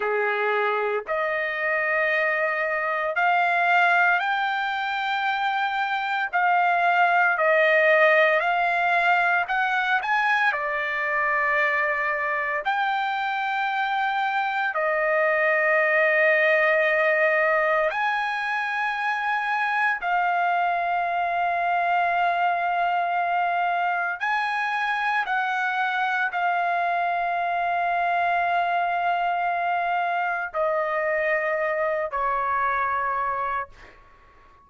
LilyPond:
\new Staff \with { instrumentName = "trumpet" } { \time 4/4 \tempo 4 = 57 gis'4 dis''2 f''4 | g''2 f''4 dis''4 | f''4 fis''8 gis''8 d''2 | g''2 dis''2~ |
dis''4 gis''2 f''4~ | f''2. gis''4 | fis''4 f''2.~ | f''4 dis''4. cis''4. | }